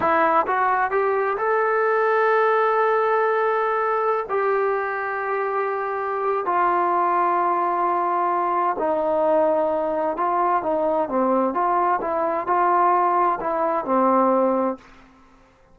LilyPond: \new Staff \with { instrumentName = "trombone" } { \time 4/4 \tempo 4 = 130 e'4 fis'4 g'4 a'4~ | a'1~ | a'4~ a'16 g'2~ g'8.~ | g'2 f'2~ |
f'2. dis'4~ | dis'2 f'4 dis'4 | c'4 f'4 e'4 f'4~ | f'4 e'4 c'2 | }